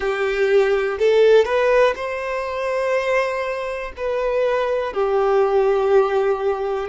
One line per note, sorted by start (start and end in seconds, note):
0.00 0.97 G4
0.98 1.44 A4
1.44 1.94 B4
1.95 3.92 C5
3.96 4.93 B4
4.93 6.89 G4